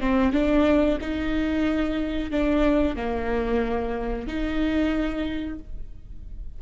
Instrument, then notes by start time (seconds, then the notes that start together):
viola
0.00 C4
0.32 D4
1.01 D#4
2.31 D4
2.96 A#3
4.27 D#4